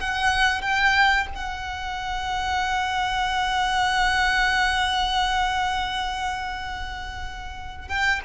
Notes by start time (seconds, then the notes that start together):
0.00 F#5
0.61 G5
1.35 F#5
7.88 G5